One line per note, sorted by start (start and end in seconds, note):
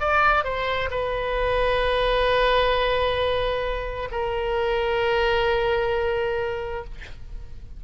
0.00 0.44 D5
0.44 0.90 C5
0.91 4.09 B4
4.12 6.84 A#4